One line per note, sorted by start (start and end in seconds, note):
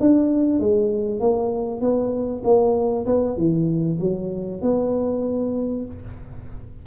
0.00 0.60 D4
0.60 1.20 G#3
1.20 1.81 A#3
1.81 2.43 B3
2.44 3.06 A#3
3.06 3.37 B3
3.37 3.99 E3
4.00 4.62 F#3
4.62 5.85 B3